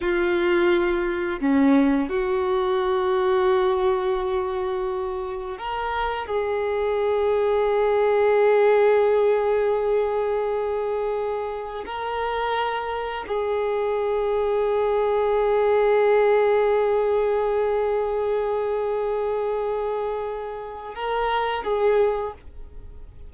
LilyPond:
\new Staff \with { instrumentName = "violin" } { \time 4/4 \tempo 4 = 86 f'2 cis'4 fis'4~ | fis'1 | ais'4 gis'2.~ | gis'1~ |
gis'4 ais'2 gis'4~ | gis'1~ | gis'1~ | gis'2 ais'4 gis'4 | }